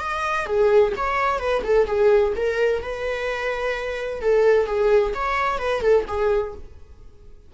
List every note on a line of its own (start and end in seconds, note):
0.00 0.47 D#5
0.47 0.93 G#4
0.97 1.39 C#5
1.39 1.63 B4
1.64 1.87 A4
1.87 2.34 G#4
2.37 2.83 A#4
2.83 4.22 B4
4.22 4.67 A4
4.67 5.13 G#4
5.15 5.59 C#5
5.59 5.82 B4
5.82 6.05 A4
6.08 6.54 G#4